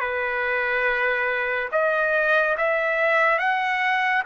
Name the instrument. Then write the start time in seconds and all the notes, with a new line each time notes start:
trumpet
0.00 B4
1.72 D#5
2.57 E5
3.38 F#5